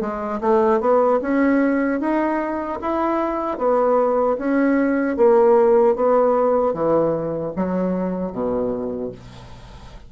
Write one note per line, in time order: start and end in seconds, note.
0.00 0.39 G#3
0.41 0.80 A3
0.80 1.19 B3
1.21 2.00 C#4
2.00 2.79 D#4
2.81 3.58 E4
3.58 4.37 B3
4.38 5.16 C#4
5.16 5.95 A#3
5.95 6.74 B3
6.74 7.53 E3
7.56 8.32 F#3
8.32 9.11 B2